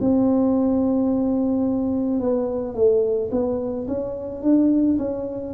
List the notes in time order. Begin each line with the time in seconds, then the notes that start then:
0.00 C4
2.20 B3
2.74 A3
3.31 B3
3.87 C#4
4.42 D4
4.98 C#4